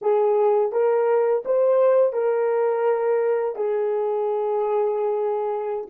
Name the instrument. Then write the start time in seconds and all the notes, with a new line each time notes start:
horn
0.01 G#4
0.72 A#4
1.45 C5
2.12 A#4
3.55 G#4